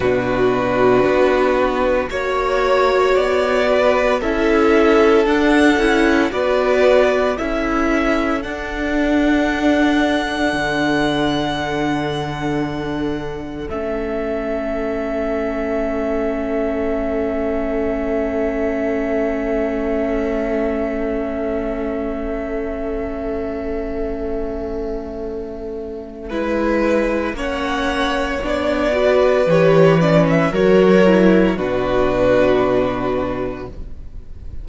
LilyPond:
<<
  \new Staff \with { instrumentName = "violin" } { \time 4/4 \tempo 4 = 57 b'2 cis''4 d''4 | e''4 fis''4 d''4 e''4 | fis''1~ | fis''4 e''2.~ |
e''1~ | e''1~ | e''2 fis''4 d''4 | cis''8 d''16 e''16 cis''4 b'2 | }
  \new Staff \with { instrumentName = "violin" } { \time 4/4 fis'2 cis''4. b'8 | a'2 b'4 a'4~ | a'1~ | a'1~ |
a'1~ | a'1~ | a'4 b'4 cis''4. b'8~ | b'4 ais'4 fis'2 | }
  \new Staff \with { instrumentName = "viola" } { \time 4/4 d'2 fis'2 | e'4 d'8 e'8 fis'4 e'4 | d'1~ | d'4 cis'2.~ |
cis'1~ | cis'1~ | cis'4 e'4 cis'4 d'8 fis'8 | g'8 cis'8 fis'8 e'8 d'2 | }
  \new Staff \with { instrumentName = "cello" } { \time 4/4 b,4 b4 ais4 b4 | cis'4 d'8 cis'8 b4 cis'4 | d'2 d2~ | d4 a2.~ |
a1~ | a1~ | a4 gis4 ais4 b4 | e4 fis4 b,2 | }
>>